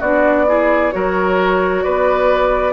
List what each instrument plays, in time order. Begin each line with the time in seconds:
0.00 bassoon B3, clarinet D4, oboe F#4, flute D5
0.47 clarinet E4, oboe G#4
0.92 bassoon F#3, clarinet F#4, oboe A#4, flute C#5
1.83 bassoon B3, oboe B4, flute D5